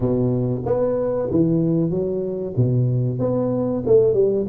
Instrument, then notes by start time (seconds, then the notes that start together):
tuba
0.00 B2
0.65 B3
1.31 E3
1.90 F#3
2.56 B2
3.19 B3
3.86 A3
4.13 G3